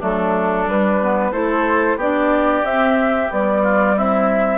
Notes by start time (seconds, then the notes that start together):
0.00 F#3 A3 D4 A4
0.65 G3 B4
1.02 B3
1.32 A3 E4 A4 C5
1.97 B3 D4 G4 D5
2.64 C4 E5
3.30 G3 B3 D5
3.63 F4
3.97 C4 E4 E5